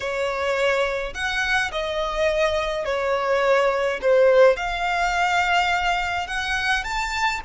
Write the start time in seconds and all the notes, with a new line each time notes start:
0.00 C#5
1.14 F#5
1.71 D#5
2.85 C#5
4.01 C5
4.56 F5
6.27 F#5
6.83 A5